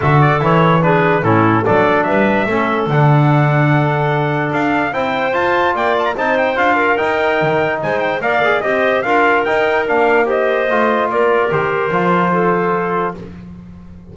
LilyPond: <<
  \new Staff \with { instrumentName = "trumpet" } { \time 4/4 \tempo 4 = 146 e''8 d''8 cis''4 b'4 a'4 | d''4 e''2 fis''4~ | fis''2. f''4 | g''4 a''4 g''8 a''16 ais''16 a''8 g''8 |
f''4 g''2 gis''8 g''8 | f''4 dis''4 f''4 g''4 | f''4 dis''2 d''4 | c''1 | }
  \new Staff \with { instrumentName = "clarinet" } { \time 4/4 a'2 gis'4 e'4 | a'4 b'4 a'2~ | a'1 | c''2 d''4 c''4~ |
c''8 ais'2~ ais'8 c''4 | d''4 c''4 ais'2~ | ais'4 c''2 ais'4~ | ais'2 a'2 | }
  \new Staff \with { instrumentName = "trombone" } { \time 4/4 fis'4 e'4 d'4 cis'4 | d'2 cis'4 d'4~ | d'1 | e'4 f'2 dis'4 |
f'4 dis'2. | ais'8 gis'8 g'4 f'4 dis'4 | d'4 g'4 f'2 | g'4 f'2. | }
  \new Staff \with { instrumentName = "double bass" } { \time 4/4 d4 e2 a,4 | fis4 g4 a4 d4~ | d2. d'4 | c'4 f'4 ais4 c'4 |
d'4 dis'4 dis4 gis4 | ais4 c'4 d'4 dis'4 | ais2 a4 ais4 | dis4 f2. | }
>>